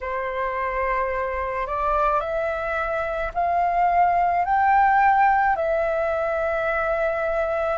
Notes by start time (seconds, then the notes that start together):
0.01 C5
1.67 D5
2.20 E5
3.34 F5
4.44 G5
5.56 E5